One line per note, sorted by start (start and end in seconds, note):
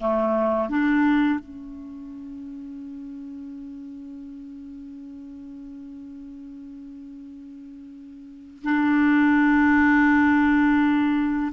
0.00 0.69 A3
0.69 1.39 D4
1.39 8.62 C#4
8.63 11.52 D4